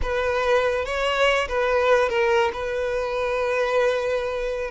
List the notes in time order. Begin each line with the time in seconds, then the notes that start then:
0.02 B4
0.85 C#5
1.48 B4
2.09 A#4
2.53 B4